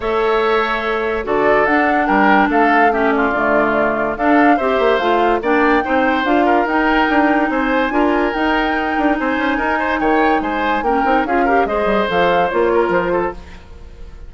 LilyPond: <<
  \new Staff \with { instrumentName = "flute" } { \time 4/4 \tempo 4 = 144 e''2. d''4 | fis''4 g''4 f''4 e''8 d''8~ | d''2 f''4 e''4 | f''4 g''2 f''4 |
g''2 gis''2 | g''2 gis''2 | g''4 gis''4 g''4 f''4 | dis''4 f''4 cis''4 c''4 | }
  \new Staff \with { instrumentName = "oboe" } { \time 4/4 cis''2. a'4~ | a'4 ais'4 a'4 g'8 f'8~ | f'2 a'4 c''4~ | c''4 d''4 c''4. ais'8~ |
ais'2 c''4 ais'4~ | ais'2 c''4 ais'8 c''8 | cis''4 c''4 ais'4 gis'8 ais'8 | c''2~ c''8 ais'4 a'8 | }
  \new Staff \with { instrumentName = "clarinet" } { \time 4/4 a'2. fis'4 | d'2. cis'4 | a2 d'4 g'4 | f'4 d'4 dis'4 f'4 |
dis'2. f'4 | dis'1~ | dis'2 cis'8 dis'8 f'8 g'8 | gis'4 a'4 f'2 | }
  \new Staff \with { instrumentName = "bassoon" } { \time 4/4 a2. d4 | d'4 g4 a2 | d2 d'4 c'8 ais8 | a4 ais4 c'4 d'4 |
dis'4 d'4 c'4 d'4 | dis'4. d'8 c'8 cis'8 dis'4 | dis4 gis4 ais8 c'8 cis'4 | gis8 g8 f4 ais4 f4 | }
>>